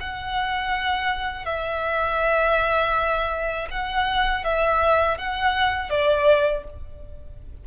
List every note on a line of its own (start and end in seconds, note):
0.00 1.45 F#5
1.45 3.67 E5
3.71 4.44 F#5
4.44 5.18 E5
5.18 5.90 F#5
5.90 6.64 D5